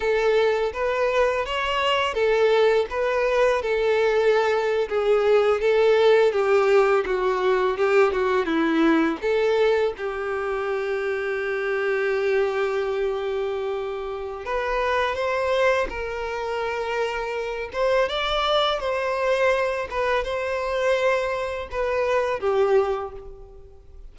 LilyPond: \new Staff \with { instrumentName = "violin" } { \time 4/4 \tempo 4 = 83 a'4 b'4 cis''4 a'4 | b'4 a'4.~ a'16 gis'4 a'16~ | a'8. g'4 fis'4 g'8 fis'8 e'16~ | e'8. a'4 g'2~ g'16~ |
g'1 | b'4 c''4 ais'2~ | ais'8 c''8 d''4 c''4. b'8 | c''2 b'4 g'4 | }